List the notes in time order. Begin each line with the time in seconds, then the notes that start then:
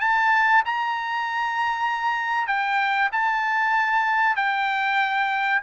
0.00 A5
0.65 A#5
2.47 G5
3.12 A5
4.36 G5